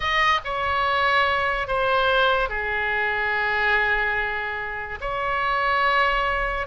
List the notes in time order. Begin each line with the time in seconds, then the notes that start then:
0.00 D#5
0.44 C#5
1.67 C5
2.49 G#4
5.00 C#5